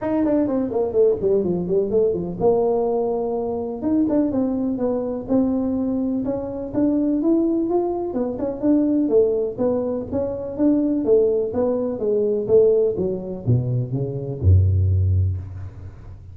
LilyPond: \new Staff \with { instrumentName = "tuba" } { \time 4/4 \tempo 4 = 125 dis'8 d'8 c'8 ais8 a8 g8 f8 g8 | a8 f8 ais2. | dis'8 d'8 c'4 b4 c'4~ | c'4 cis'4 d'4 e'4 |
f'4 b8 cis'8 d'4 a4 | b4 cis'4 d'4 a4 | b4 gis4 a4 fis4 | b,4 cis4 fis,2 | }